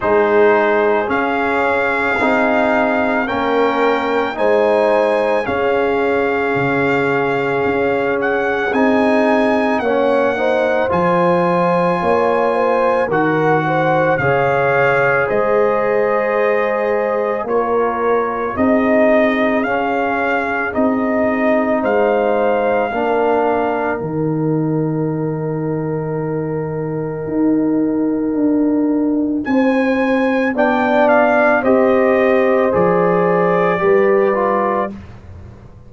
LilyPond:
<<
  \new Staff \with { instrumentName = "trumpet" } { \time 4/4 \tempo 4 = 55 c''4 f''2 g''4 | gis''4 f''2~ f''8 fis''8 | gis''4 fis''4 gis''2 | fis''4 f''4 dis''2 |
cis''4 dis''4 f''4 dis''4 | f''2 g''2~ | g''2. gis''4 | g''8 f''8 dis''4 d''2 | }
  \new Staff \with { instrumentName = "horn" } { \time 4/4 gis'2. ais'4 | c''4 gis'2.~ | gis'4 cis''8 c''4. cis''8 c''8 | ais'8 c''8 cis''4 c''2 |
ais'4 gis'2. | c''4 ais'2.~ | ais'2. c''4 | d''4 c''2 b'4 | }
  \new Staff \with { instrumentName = "trombone" } { \time 4/4 dis'4 cis'4 dis'4 cis'4 | dis'4 cis'2. | dis'4 cis'8 dis'8 f'2 | fis'4 gis'2. |
f'4 dis'4 cis'4 dis'4~ | dis'4 d'4 dis'2~ | dis'1 | d'4 g'4 gis'4 g'8 f'8 | }
  \new Staff \with { instrumentName = "tuba" } { \time 4/4 gis4 cis'4 c'4 ais4 | gis4 cis'4 cis4 cis'4 | c'4 ais4 f4 ais4 | dis4 cis4 gis2 |
ais4 c'4 cis'4 c'4 | gis4 ais4 dis2~ | dis4 dis'4 d'4 c'4 | b4 c'4 f4 g4 | }
>>